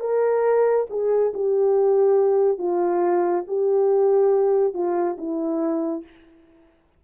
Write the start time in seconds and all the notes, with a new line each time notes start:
0.00 A#4
0.90 G#4
1.34 G4
2.58 F4
3.47 G4
4.73 F4
5.17 E4